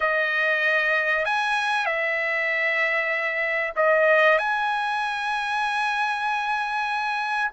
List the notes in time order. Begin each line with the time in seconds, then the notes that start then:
0.00 D#5
1.25 G#5
1.85 E5
3.76 D#5
4.38 G#5